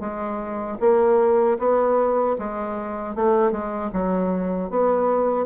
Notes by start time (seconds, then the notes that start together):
0.00 G#3
0.80 A#3
1.59 B3
2.38 G#3
3.15 A3
3.51 G#3
3.93 F#3
4.70 B3